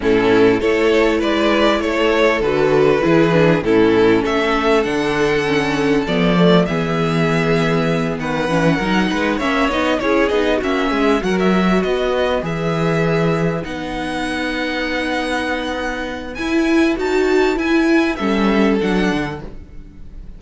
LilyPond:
<<
  \new Staff \with { instrumentName = "violin" } { \time 4/4 \tempo 4 = 99 a'4 cis''4 d''4 cis''4 | b'2 a'4 e''4 | fis''2 d''4 e''4~ | e''4. fis''2 e''8 |
dis''8 cis''8 dis''8 e''4 fis''16 e''8. dis''8~ | dis''8 e''2 fis''4.~ | fis''2. gis''4 | a''4 gis''4 e''4 fis''4 | }
  \new Staff \with { instrumentName = "violin" } { \time 4/4 e'4 a'4 b'4 a'4~ | a'4 gis'4 e'4 a'4~ | a'2. gis'4~ | gis'4. b'4 ais'8 b'8 cis''8~ |
cis''8 gis'4 fis'8 gis'8 ais'4 b'8~ | b'1~ | b'1~ | b'2 a'2 | }
  \new Staff \with { instrumentName = "viola" } { \time 4/4 cis'4 e'2. | fis'4 e'8 d'8 cis'2 | d'4 cis'4 b8 a8 b4~ | b2 cis'8 dis'4 cis'8 |
dis'8 e'8 dis'8 cis'4 fis'4.~ | fis'8 gis'2 dis'4.~ | dis'2. e'4 | fis'4 e'4 cis'4 d'4 | }
  \new Staff \with { instrumentName = "cello" } { \time 4/4 a,4 a4 gis4 a4 | d4 e4 a,4 a4 | d2 f4 e4~ | e4. dis8 e8 fis8 gis8 ais8 |
b8 cis'8 b8 ais8 gis8 fis4 b8~ | b8 e2 b4.~ | b2. e'4 | dis'4 e'4 g4 fis8 d8 | }
>>